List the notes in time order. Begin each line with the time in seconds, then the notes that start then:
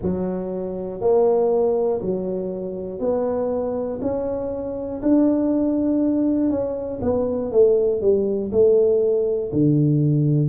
0.01 F#3
1.00 A#3
2.01 F#3
3.00 B3
4.01 C#4
5.02 D4
6.50 C#4
7.01 B3
7.51 A3
8.00 G3
8.51 A3
9.52 D3